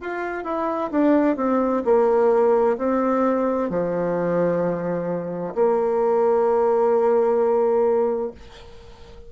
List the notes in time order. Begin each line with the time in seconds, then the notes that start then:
0.00 F4
0.44 E4
0.91 D4
1.36 C4
1.85 A#3
2.77 C4
3.69 F3
5.54 A#3